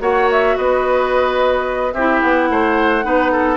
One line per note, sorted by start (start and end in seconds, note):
0.00 0.56 A#3
0.00 1.93 F#4
0.00 0.57 C#5
0.00 0.29 F#5
0.32 0.57 E5
0.57 1.94 B3
0.57 1.94 B4
0.57 1.93 D#5
1.93 2.21 C4
1.93 3.03 E4
1.93 2.49 G4
1.93 2.21 E5
2.21 2.50 B3
2.21 3.57 F#5
2.50 3.05 A3
2.50 3.05 C5
3.03 3.57 B3
3.03 3.57 D#4
3.03 3.32 B4
3.32 3.57 A4